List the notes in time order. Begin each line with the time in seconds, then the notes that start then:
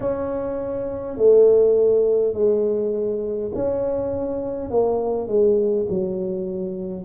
0.00 C#4
1.17 A3
2.33 G#3
3.54 C#4
4.70 A#3
5.27 G#3
5.89 F#3